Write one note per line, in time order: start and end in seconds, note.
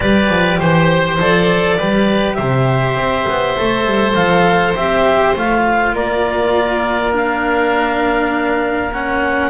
0.00 0.29 G3
0.00 1.18 G4
0.00 0.59 B4
0.00 0.59 D5
0.29 0.59 F3
0.59 1.18 E3
0.59 1.77 C5
0.59 1.19 C5
1.18 1.78 F3
1.18 1.78 A4
1.18 2.34 D5
1.77 2.38 G3
1.77 3.56 G4
1.77 2.36 B4
2.34 2.96 C3
2.34 5.92 C5
2.34 4.12 E5
2.96 3.25 C4
3.28 3.58 B3
3.56 3.85 A3
3.56 4.75 A4
3.85 4.14 G3
4.13 4.75 F3
4.13 4.73 F5
4.75 5.35 C4
4.75 5.35 G4
4.75 5.35 E5
5.35 5.92 A3
5.35 7.12 F4
5.35 5.95 F5
5.92 9.49 A#3
5.92 9.50 A#4
5.92 7.14 D5
7.12 8.90 D4
7.12 8.92 F5
8.92 9.50 C#4
8.92 9.50 F#5